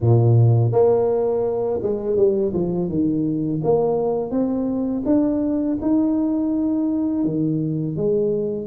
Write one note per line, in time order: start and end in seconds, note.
0.00 0.72 A#2
0.72 1.80 A#3
1.82 2.16 G#3
2.16 2.52 G3
2.53 2.88 F3
2.88 3.61 D#3
3.63 4.30 A#3
4.30 5.02 C4
5.05 5.77 D4
5.81 7.24 D#4
7.24 7.96 D#3
7.96 8.67 G#3